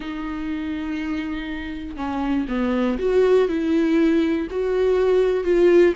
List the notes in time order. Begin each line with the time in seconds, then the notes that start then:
0.00 D#4
1.96 C#4
2.48 B3
2.98 F#4
3.48 E4
4.50 F#4
5.44 F4